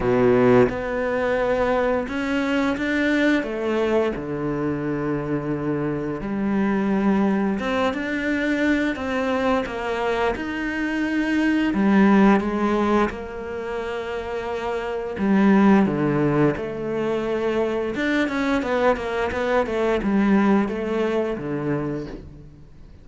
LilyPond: \new Staff \with { instrumentName = "cello" } { \time 4/4 \tempo 4 = 87 b,4 b2 cis'4 | d'4 a4 d2~ | d4 g2 c'8 d'8~ | d'4 c'4 ais4 dis'4~ |
dis'4 g4 gis4 ais4~ | ais2 g4 d4 | a2 d'8 cis'8 b8 ais8 | b8 a8 g4 a4 d4 | }